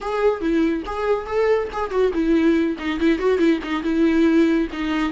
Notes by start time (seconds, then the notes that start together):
0.00 G#4
0.40 E4
0.85 G#4
1.26 A4
1.72 G#4
1.90 F#4
2.13 E4
2.79 D#4
2.99 E4
3.18 F#4
3.38 E4
3.63 D#4
3.82 E4
4.72 D#4